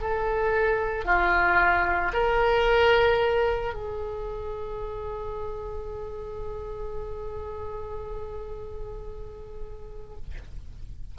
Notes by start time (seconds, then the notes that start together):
0.00 A4
1.05 F4
2.13 A#4
3.74 G#4